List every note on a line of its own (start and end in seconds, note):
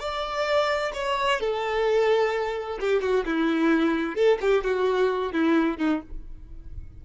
0.00 0.92 D5
0.94 1.40 C#5
1.40 2.79 A4
2.81 3.02 G4
3.02 3.25 F#4
3.26 4.16 E4
4.16 4.39 A4
4.41 4.64 G4
4.64 5.33 F#4
5.33 5.78 E4
5.78 6.01 D#4